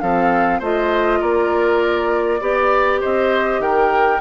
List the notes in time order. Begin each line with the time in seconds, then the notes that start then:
0.00 F3 C4 A4 F5
0.59 A3 F4 C5 D#5
1.20 A#3 A#4 D5
2.40 B3 G4 D5
3.00 C4 C5 D#5
3.59 D#3 A#4 G5